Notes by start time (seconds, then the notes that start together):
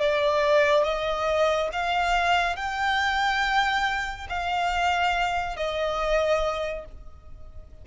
0.00 D5
0.84 D#5
1.73 F5
2.56 G5
4.29 F5
5.57 D#5